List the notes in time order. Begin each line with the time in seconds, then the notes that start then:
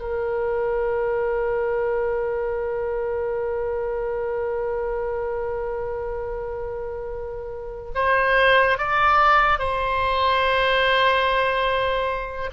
0.00 A#4
7.95 C5
8.78 D5
9.59 C5